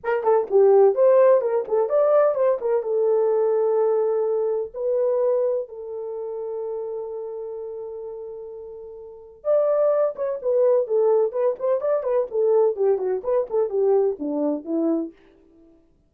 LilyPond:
\new Staff \with { instrumentName = "horn" } { \time 4/4 \tempo 4 = 127 ais'8 a'8 g'4 c''4 ais'8 a'8 | d''4 c''8 ais'8 a'2~ | a'2 b'2 | a'1~ |
a'1 | d''4. cis''8 b'4 a'4 | b'8 c''8 d''8 b'8 a'4 g'8 fis'8 | b'8 a'8 g'4 d'4 e'4 | }